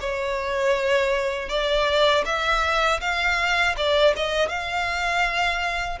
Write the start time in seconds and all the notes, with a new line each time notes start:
0.00 C#5
1.49 D5
2.25 E5
3.00 F5
3.76 D5
4.16 D#5
4.48 F5